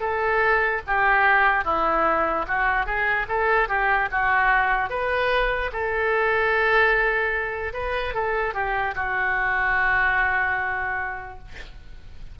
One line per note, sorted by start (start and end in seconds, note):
0.00 0.81 A4
0.87 1.65 G4
1.65 2.46 E4
2.48 2.86 F#4
2.86 3.27 G#4
3.29 3.69 A4
3.69 4.09 G4
4.11 4.90 F#4
4.90 5.71 B4
5.72 7.74 A4
7.74 8.14 B4
8.14 8.54 A4
8.54 8.94 G4
8.96 11.39 F#4